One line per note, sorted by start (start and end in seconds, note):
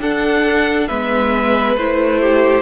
0.00 0.88 D4
0.00 0.90 D4
0.00 0.88 A4
0.00 0.88 F#5
0.88 1.76 G#3
0.88 1.78 B3
0.88 2.21 B4
0.88 1.76 E5
1.76 2.62 A3
1.76 2.62 E4
1.76 2.62 C5
2.21 2.62 G4